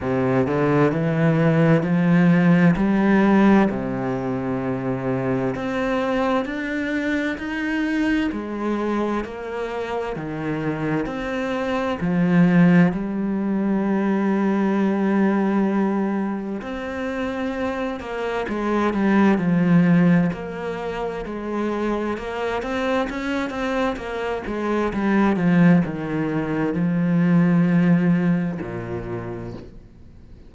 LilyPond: \new Staff \with { instrumentName = "cello" } { \time 4/4 \tempo 4 = 65 c8 d8 e4 f4 g4 | c2 c'4 d'4 | dis'4 gis4 ais4 dis4 | c'4 f4 g2~ |
g2 c'4. ais8 | gis8 g8 f4 ais4 gis4 | ais8 c'8 cis'8 c'8 ais8 gis8 g8 f8 | dis4 f2 ais,4 | }